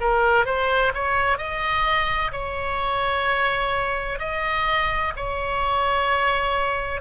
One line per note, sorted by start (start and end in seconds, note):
0.00 0.45 A#4
0.45 0.92 C5
0.94 1.38 C#5
1.38 2.31 D#5
2.32 4.19 C#5
4.19 5.13 D#5
5.16 7.01 C#5